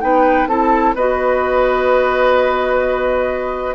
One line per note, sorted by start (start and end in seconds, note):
0.00 0.47 B3
0.00 0.47 D#4
0.00 0.49 B4
0.00 0.47 G5
0.47 0.94 C4
0.47 0.95 E4
0.47 0.95 A4
0.47 0.94 A5
0.94 3.75 B3
0.94 3.75 F#4
0.94 3.75 B4
0.94 3.75 D#5